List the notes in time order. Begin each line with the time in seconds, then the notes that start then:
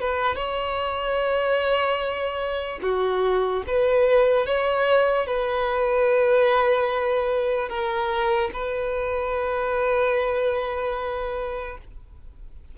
0.00 B4
0.36 C#5
2.82 F#4
3.67 B4
4.46 C#5
5.26 B4
7.69 A#4
8.53 B4